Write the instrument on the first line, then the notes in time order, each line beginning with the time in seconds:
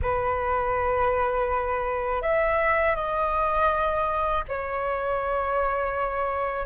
flute
0.02 B4
2.22 E5
2.95 D#5
4.48 C#5